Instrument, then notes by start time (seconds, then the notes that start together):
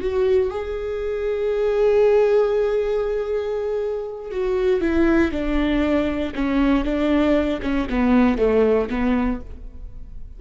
viola
0.00 F#4
0.50 G#4
4.31 F#4
4.81 E4
5.32 D4
6.34 C#4
6.84 D4
7.62 C#4
7.89 B3
8.38 A3
8.89 B3